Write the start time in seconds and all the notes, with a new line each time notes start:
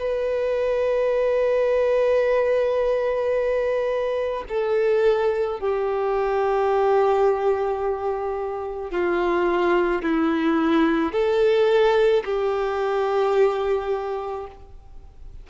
0.00 B4
4.49 A4
5.60 G4
8.91 F4
10.03 E4
11.13 A4
12.25 G4